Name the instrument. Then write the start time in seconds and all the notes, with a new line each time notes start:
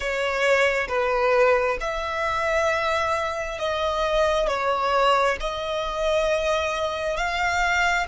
violin
0.00 C#5
0.88 B4
1.80 E5
3.58 D#5
4.47 C#5
5.40 D#5
7.16 F5